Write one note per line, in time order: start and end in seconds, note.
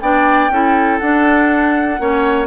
0.00 0.49 B3
0.00 0.51 D4
0.00 0.52 D5
0.00 0.98 G5
0.49 0.99 C#4
0.49 1.01 E4
0.49 2.01 A4
0.98 1.99 D4
0.98 2.46 F#5
1.99 2.46 A#3
1.99 2.46 C#4
1.99 2.46 C#5